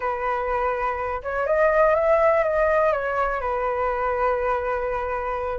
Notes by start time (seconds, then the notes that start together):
0.00 B4
1.22 C#5
1.46 D#5
1.94 E5
2.43 D#5
2.92 C#5
3.40 B4